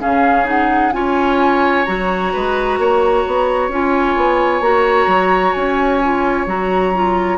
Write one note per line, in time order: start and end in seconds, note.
0.00 0.93 C#3
0.00 0.45 C#4
0.00 0.93 G#4
0.00 0.47 F5
0.45 0.91 D#4
0.45 0.93 F#5
0.93 1.85 C#4
0.93 1.85 F4
0.93 2.33 C#5
0.93 1.85 G#5
1.85 2.33 F#3
1.85 3.71 F#4
1.85 3.70 A#5
2.33 2.78 G#3
2.33 2.79 B4
2.78 3.24 A#3
2.78 7.38 C#5
3.27 3.69 B3
3.69 4.15 C#4
3.69 4.63 F4
3.69 4.63 G#5
4.17 4.61 B3
4.61 5.07 A#3
4.61 6.01 F#4
4.61 5.53 A#5
5.07 5.53 F#3
5.53 6.47 C#4
5.53 6.45 G#5
6.03 6.47 F4
6.47 7.38 F#3
6.47 6.93 F#4
6.47 7.38 A#5
6.95 7.38 F4